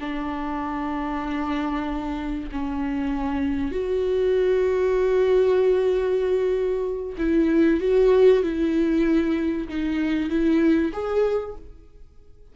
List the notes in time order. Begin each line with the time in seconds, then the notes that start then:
0.00 D4
2.52 C#4
3.72 F#4
7.18 E4
7.80 F#4
8.43 E4
9.69 D#4
10.30 E4
10.93 G#4